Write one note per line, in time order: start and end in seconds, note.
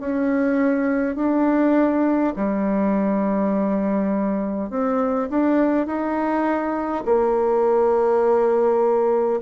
0.00 1.16 C#4
1.16 2.34 D4
2.36 4.70 G3
4.70 5.29 C4
5.30 5.87 D4
5.87 7.04 D#4
7.05 9.41 A#3